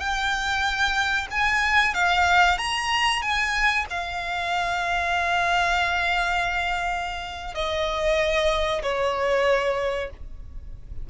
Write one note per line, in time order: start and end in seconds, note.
0.00 1.28 G5
1.31 1.95 G#5
1.95 2.59 F5
2.59 3.22 A#5
3.22 3.86 G#5
3.90 7.55 F5
7.55 8.82 D#5
8.83 10.11 C#5